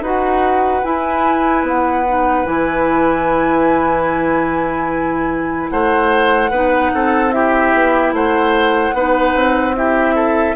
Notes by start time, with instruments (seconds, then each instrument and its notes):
0.00 bassoon D#4, clarinet F#4, oboe B4, flute F#5
0.83 clarinet E4, bassoon E4, flute G#5
1.62 bassoon B3, flute F#5
2.07 clarinet D#4
2.45 bassoon E3, clarinet E4, flute G#5
5.70 bassoon A3, oboe C5, flute F#5
6.50 bassoon B3, clarinet D#4, oboe B4
6.93 bassoon C4, oboe A4
7.32 clarinet E4, oboe G4, flute E5
7.73 bassoon B3
8.12 bassoon A3, oboe C5, flute F#5
8.93 bassoon B3, clarinet D#4, oboe B4
9.34 bassoon C4
9.75 clarinet E4, oboe G4, flute E5
10.15 oboe A4